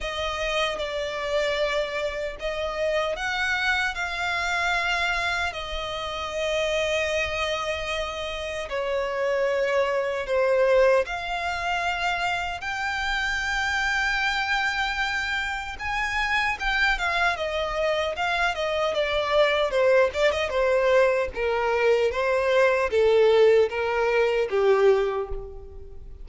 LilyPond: \new Staff \with { instrumentName = "violin" } { \time 4/4 \tempo 4 = 76 dis''4 d''2 dis''4 | fis''4 f''2 dis''4~ | dis''2. cis''4~ | cis''4 c''4 f''2 |
g''1 | gis''4 g''8 f''8 dis''4 f''8 dis''8 | d''4 c''8 d''16 dis''16 c''4 ais'4 | c''4 a'4 ais'4 g'4 | }